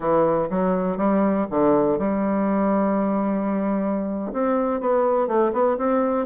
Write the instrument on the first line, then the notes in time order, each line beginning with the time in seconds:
bassoon
0.00 E3
0.50 F#3
0.97 G3
1.50 D3
1.98 G3
4.33 C4
4.80 B3
5.27 A3
5.52 B3
5.77 C4